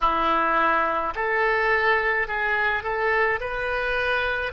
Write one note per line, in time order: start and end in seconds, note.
0.01 1.14 E4
1.15 2.27 A4
2.27 2.83 G#4
2.83 3.40 A4
3.40 4.52 B4